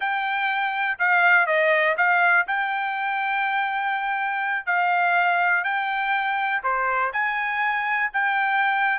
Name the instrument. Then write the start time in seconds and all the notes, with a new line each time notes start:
trumpet
0.00 G5
0.99 F5
1.46 D#5
1.97 F5
2.47 G5
4.66 F5
5.64 G5
6.63 C5
7.12 G#5
8.13 G5